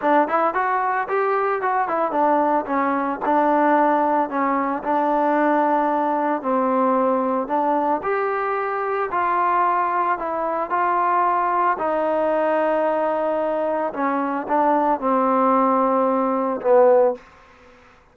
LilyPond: \new Staff \with { instrumentName = "trombone" } { \time 4/4 \tempo 4 = 112 d'8 e'8 fis'4 g'4 fis'8 e'8 | d'4 cis'4 d'2 | cis'4 d'2. | c'2 d'4 g'4~ |
g'4 f'2 e'4 | f'2 dis'2~ | dis'2 cis'4 d'4 | c'2. b4 | }